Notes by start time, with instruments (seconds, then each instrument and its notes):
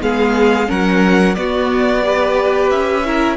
0.00 cello G#3, viola B3, violin G#4 F5
0.66 cello F#3, viola C#4, violin A#4 F#5
1.34 cello B3, viola B3, violin F#4 D5
2.02 viola G4, violin B4
2.69 cello C#4, violin E5
3.04 viola E4, violin A#4